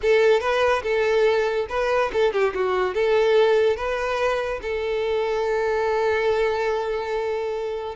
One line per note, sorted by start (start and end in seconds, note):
0.02 0.40 A4
0.40 0.82 B4
0.82 1.66 A4
1.69 2.11 B4
2.13 2.32 A4
2.32 2.53 G4
2.54 2.94 F#4
2.94 3.76 A4
3.76 4.60 B4
4.62 7.95 A4